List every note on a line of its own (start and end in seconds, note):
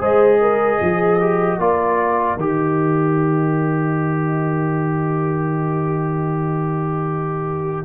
0.00 0.79 G#3
0.00 1.20 G#4
0.00 0.39 C5
0.00 1.61 D#5
0.41 0.80 A#4
0.81 1.59 F3
0.81 1.59 G#4
1.21 1.60 G4
1.59 2.37 A#3
1.59 2.39 F4
1.59 7.85 A#4
1.59 2.39 D5
2.37 7.85 D#3
2.37 7.85 G4
2.37 7.85 D#5